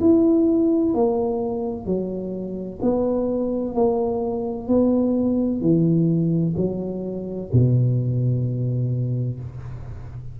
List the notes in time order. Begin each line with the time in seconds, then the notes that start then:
0.00 E4
0.94 A#3
1.85 F#3
2.81 B3
3.74 A#3
4.67 B3
5.60 E3
6.56 F#3
7.52 B2